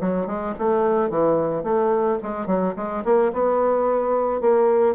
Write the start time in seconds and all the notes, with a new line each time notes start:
0.00 F#3
0.26 G#3
0.58 A3
1.10 E3
1.63 A3
2.22 G#3
2.46 F#3
2.76 G#3
3.04 A#3
3.33 B3
4.41 A#3